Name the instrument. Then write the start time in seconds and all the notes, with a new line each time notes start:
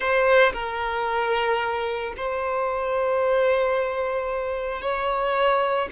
violin
0.00 C5
0.53 A#4
2.16 C5
4.81 C#5